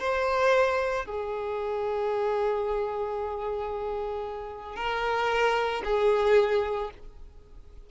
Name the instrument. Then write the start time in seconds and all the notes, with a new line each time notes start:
violin
0.00 C5
1.06 G#4
4.77 A#4
5.85 G#4